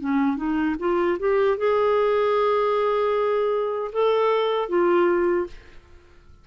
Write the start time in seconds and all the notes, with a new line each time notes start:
0.00 C#4
0.37 D#4
0.79 F4
1.19 G4
1.57 G#4
3.92 A4
4.69 F4